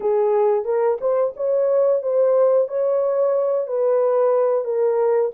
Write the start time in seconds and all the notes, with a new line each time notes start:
0.00 G#4
0.65 A#4
1.00 C5
1.36 C#5
2.02 C5
2.68 C#5
3.67 B4
4.64 A#4